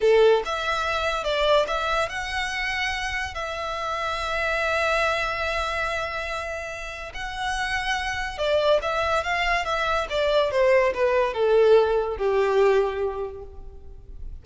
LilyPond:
\new Staff \with { instrumentName = "violin" } { \time 4/4 \tempo 4 = 143 a'4 e''2 d''4 | e''4 fis''2. | e''1~ | e''1~ |
e''4 fis''2. | d''4 e''4 f''4 e''4 | d''4 c''4 b'4 a'4~ | a'4 g'2. | }